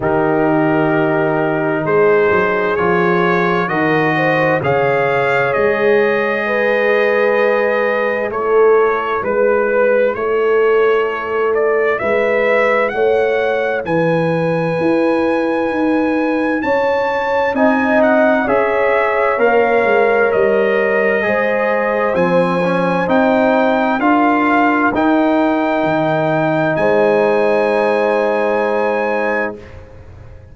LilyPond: <<
  \new Staff \with { instrumentName = "trumpet" } { \time 4/4 \tempo 4 = 65 ais'2 c''4 cis''4 | dis''4 f''4 dis''2~ | dis''4 cis''4 b'4 cis''4~ | cis''8 d''8 e''4 fis''4 gis''4~ |
gis''2 a''4 gis''8 fis''8 | e''4 f''4 dis''2 | gis''4 g''4 f''4 g''4~ | g''4 gis''2. | }
  \new Staff \with { instrumentName = "horn" } { \time 4/4 g'2 gis'2 | ais'8 c''8 cis''2 b'4~ | b'4 a'4 b'4 a'4~ | a'4 b'4 cis''4 b'4~ |
b'2 cis''4 dis''4 | cis''2. c''4~ | c''2 ais'2~ | ais'4 c''2. | }
  \new Staff \with { instrumentName = "trombone" } { \time 4/4 dis'2. f'4 | fis'4 gis'2.~ | gis'4 e'2.~ | e'1~ |
e'2. dis'4 | gis'4 ais'2 gis'4 | c'8 cis'8 dis'4 f'4 dis'4~ | dis'1 | }
  \new Staff \with { instrumentName = "tuba" } { \time 4/4 dis2 gis8 fis8 f4 | dis4 cis4 gis2~ | gis4 a4 gis4 a4~ | a4 gis4 a4 e4 |
e'4 dis'4 cis'4 c'4 | cis'4 ais8 gis8 g4 gis4 | f4 c'4 d'4 dis'4 | dis4 gis2. | }
>>